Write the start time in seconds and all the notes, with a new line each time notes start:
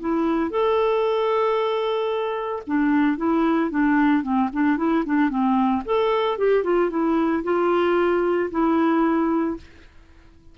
0.00 E4
0.50 A4
2.67 D4
3.17 E4
3.70 D4
4.23 C4
4.53 D4
4.77 E4
5.06 D4
5.29 C4
5.85 A4
6.38 G4
6.63 F4
6.90 E4
7.44 F4
8.51 E4